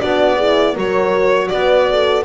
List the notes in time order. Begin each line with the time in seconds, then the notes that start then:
0.00 B3 D4 F#4 D5
0.36 E4 G#4
0.73 F#3 F#4 A#4
0.80 C#5
1.48 B3 B4 D5
1.90 A4